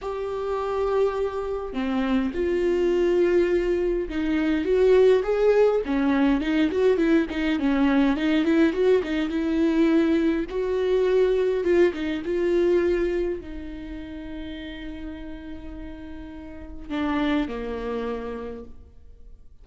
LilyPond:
\new Staff \with { instrumentName = "viola" } { \time 4/4 \tempo 4 = 103 g'2. c'4 | f'2. dis'4 | fis'4 gis'4 cis'4 dis'8 fis'8 | e'8 dis'8 cis'4 dis'8 e'8 fis'8 dis'8 |
e'2 fis'2 | f'8 dis'8 f'2 dis'4~ | dis'1~ | dis'4 d'4 ais2 | }